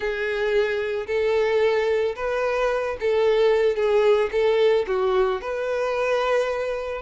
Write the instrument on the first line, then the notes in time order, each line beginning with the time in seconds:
violin
0.00 G#4
1.07 A4
2.15 B4
3.00 A4
3.75 G#4
4.31 A4
4.87 F#4
5.41 B4